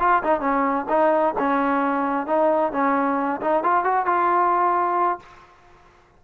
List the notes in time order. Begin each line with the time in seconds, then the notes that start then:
0.00 F4
0.24 D#4
0.40 C#4
0.89 D#4
1.39 C#4
2.27 D#4
2.73 C#4
3.41 D#4
3.64 F4
3.84 F#4
4.06 F4